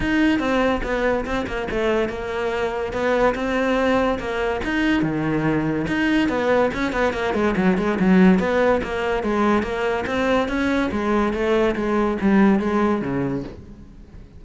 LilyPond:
\new Staff \with { instrumentName = "cello" } { \time 4/4 \tempo 4 = 143 dis'4 c'4 b4 c'8 ais8 | a4 ais2 b4 | c'2 ais4 dis'4 | dis2 dis'4 b4 |
cis'8 b8 ais8 gis8 fis8 gis8 fis4 | b4 ais4 gis4 ais4 | c'4 cis'4 gis4 a4 | gis4 g4 gis4 cis4 | }